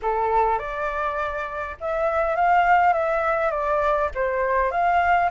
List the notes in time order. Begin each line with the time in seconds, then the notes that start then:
0.02 A4
0.58 D5
1.80 E5
2.35 F5
2.93 E5
3.50 D5
4.14 C5
4.71 F5